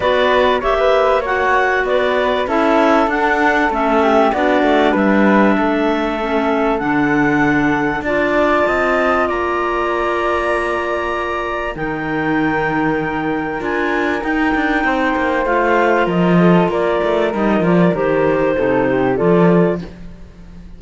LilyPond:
<<
  \new Staff \with { instrumentName = "clarinet" } { \time 4/4 \tempo 4 = 97 d''4 e''4 fis''4 d''4 | e''4 fis''4 e''4 d''4 | e''2. fis''4~ | fis''4 a''2 ais''4~ |
ais''2. g''4~ | g''2 gis''4 g''4~ | g''4 f''4 dis''4 d''4 | dis''8 d''8 c''2 d''4 | }
  \new Staff \with { instrumentName = "flute" } { \time 4/4 b'4 cis''16 b'8. cis''4 b'4 | a'2~ a'8 g'8 fis'4 | b'4 a'2.~ | a'4 d''4 dis''4 d''4~ |
d''2. ais'4~ | ais'1 | c''2 ais'8 a'8 ais'4~ | ais'2 a'8 g'8 a'4 | }
  \new Staff \with { instrumentName = "clarinet" } { \time 4/4 fis'4 g'4 fis'2 | e'4 d'4 cis'4 d'4~ | d'2 cis'4 d'4~ | d'4 f'2.~ |
f'2. dis'4~ | dis'2 f'4 dis'4~ | dis'4 f'2. | dis'8 f'8 g'4 dis'4 f'4 | }
  \new Staff \with { instrumentName = "cello" } { \time 4/4 b4 ais2 b4 | cis'4 d'4 a4 b8 a8 | g4 a2 d4~ | d4 d'4 c'4 ais4~ |
ais2. dis4~ | dis2 d'4 dis'8 d'8 | c'8 ais8 a4 f4 ais8 a8 | g8 f8 dis4 c4 f4 | }
>>